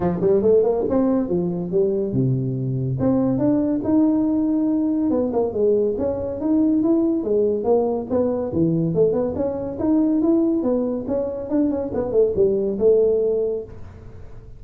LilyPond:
\new Staff \with { instrumentName = "tuba" } { \time 4/4 \tempo 4 = 141 f8 g8 a8 ais8 c'4 f4 | g4 c2 c'4 | d'4 dis'2. | b8 ais8 gis4 cis'4 dis'4 |
e'4 gis4 ais4 b4 | e4 a8 b8 cis'4 dis'4 | e'4 b4 cis'4 d'8 cis'8 | b8 a8 g4 a2 | }